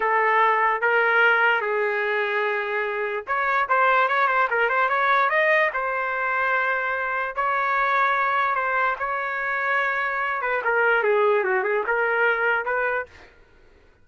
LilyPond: \new Staff \with { instrumentName = "trumpet" } { \time 4/4 \tempo 4 = 147 a'2 ais'2 | gis'1 | cis''4 c''4 cis''8 c''8 ais'8 c''8 | cis''4 dis''4 c''2~ |
c''2 cis''2~ | cis''4 c''4 cis''2~ | cis''4. b'8 ais'4 gis'4 | fis'8 gis'8 ais'2 b'4 | }